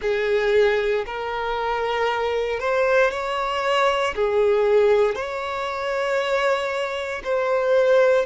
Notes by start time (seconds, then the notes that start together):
0.01 G#4
1.06 A#4
2.59 C5
3.10 C#5
4.15 G#4
5.14 C#5
7.24 C5